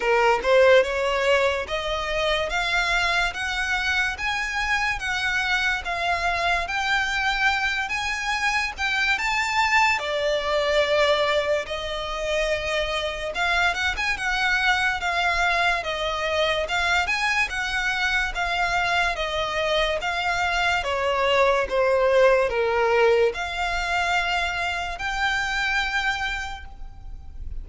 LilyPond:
\new Staff \with { instrumentName = "violin" } { \time 4/4 \tempo 4 = 72 ais'8 c''8 cis''4 dis''4 f''4 | fis''4 gis''4 fis''4 f''4 | g''4. gis''4 g''8 a''4 | d''2 dis''2 |
f''8 fis''16 gis''16 fis''4 f''4 dis''4 | f''8 gis''8 fis''4 f''4 dis''4 | f''4 cis''4 c''4 ais'4 | f''2 g''2 | }